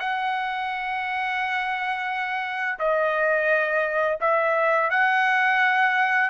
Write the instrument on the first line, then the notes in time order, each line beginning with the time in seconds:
trumpet
0.00 F#5
2.79 D#5
4.21 E5
4.91 F#5